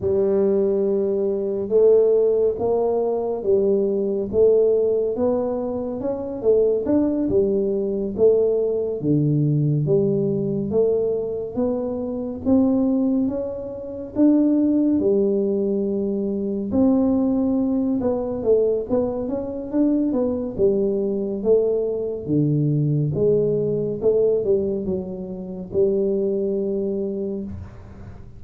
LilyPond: \new Staff \with { instrumentName = "tuba" } { \time 4/4 \tempo 4 = 70 g2 a4 ais4 | g4 a4 b4 cis'8 a8 | d'8 g4 a4 d4 g8~ | g8 a4 b4 c'4 cis'8~ |
cis'8 d'4 g2 c'8~ | c'4 b8 a8 b8 cis'8 d'8 b8 | g4 a4 d4 gis4 | a8 g8 fis4 g2 | }